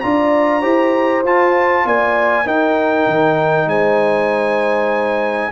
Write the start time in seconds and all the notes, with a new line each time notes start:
0.00 D4 F4 D5 A#5
0.61 E4 G4 C5
1.24 F4 A5
1.85 A#3 D5 G#5
2.45 D#4 A#4 G5
3.07 D#3
3.67 G#3 C5 G#5